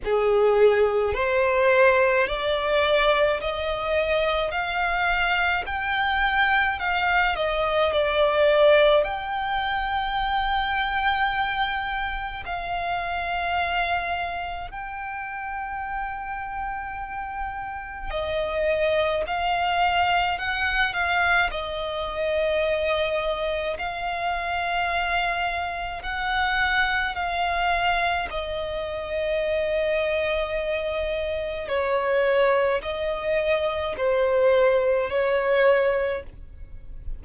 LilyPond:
\new Staff \with { instrumentName = "violin" } { \time 4/4 \tempo 4 = 53 gis'4 c''4 d''4 dis''4 | f''4 g''4 f''8 dis''8 d''4 | g''2. f''4~ | f''4 g''2. |
dis''4 f''4 fis''8 f''8 dis''4~ | dis''4 f''2 fis''4 | f''4 dis''2. | cis''4 dis''4 c''4 cis''4 | }